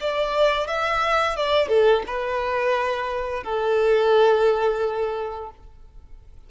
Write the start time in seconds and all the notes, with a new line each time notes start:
0.00 D5
0.67 E5
1.36 D5
1.68 A4
2.06 B4
3.43 A4